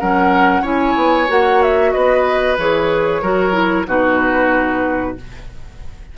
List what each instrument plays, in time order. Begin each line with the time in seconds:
0.00 bassoon F#3, clarinet C#4, oboe A#4, flute F#5
0.62 bassoon C#4, clarinet E4, oboe C#5, flute G#5
0.96 bassoon B3
1.28 bassoon A#3, clarinet F#4, flute F#5
1.63 flute E5
1.93 bassoon B3, oboe B4, flute D#5
2.58 bassoon E3, clarinet G#4, flute C#5
3.22 bassoon F#3, clarinet F#4, oboe A#4
3.53 clarinet E4
3.87 bassoon B2, clarinet D#4, oboe F#4, flute B4